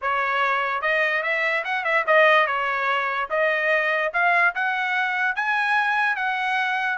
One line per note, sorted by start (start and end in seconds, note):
0.01 0.81 C#5
0.81 1.22 D#5
1.22 1.63 E5
1.64 1.84 F#5
1.84 2.04 E5
2.06 2.46 D#5
2.46 3.29 C#5
3.30 4.12 D#5
4.13 4.54 F5
4.54 5.35 F#5
5.35 6.16 G#5
6.16 6.98 F#5